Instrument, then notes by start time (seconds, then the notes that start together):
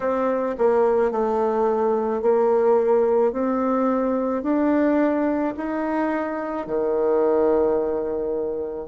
bassoon
0.00 C4
0.58 A#3
1.11 A3
2.22 A#3
3.32 C4
4.42 D4
5.56 D#4
6.66 D#3